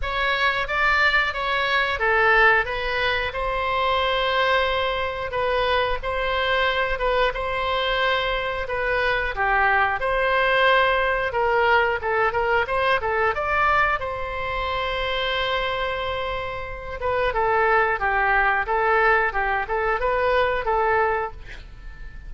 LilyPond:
\new Staff \with { instrumentName = "oboe" } { \time 4/4 \tempo 4 = 90 cis''4 d''4 cis''4 a'4 | b'4 c''2. | b'4 c''4. b'8 c''4~ | c''4 b'4 g'4 c''4~ |
c''4 ais'4 a'8 ais'8 c''8 a'8 | d''4 c''2.~ | c''4. b'8 a'4 g'4 | a'4 g'8 a'8 b'4 a'4 | }